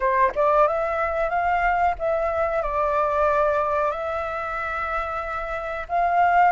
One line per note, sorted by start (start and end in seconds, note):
0.00 0.31 C5
0.35 0.67 D5
0.67 1.29 E5
1.29 1.94 F5
1.98 2.62 E5
2.62 3.91 D5
3.91 5.86 E5
5.89 6.51 F5